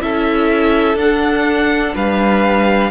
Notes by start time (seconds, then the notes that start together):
0.00 C#4 E4 A4 E5
0.95 D4 F#5
1.95 G3 B4 F5